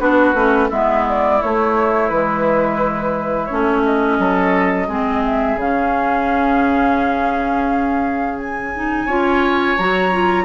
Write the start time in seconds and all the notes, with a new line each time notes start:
0.00 B3 D4 F#4 B4
0.35 A3 C#4
0.70 G#3 B3 E4 E5
1.09 D5
1.42 A3 C#5
2.10 E3 G#3 B4
3.46 A3 C#4 C#5
3.85 D#5
4.19 F#3 A4
4.88 G#3 C4 G#4
5.25 E5
5.56 C#3 C#4 F5
8.39 G#5
8.75 D#4
9.06 C#4 F4 C#5
9.78 F#3 F#4 A#5
10.12 F4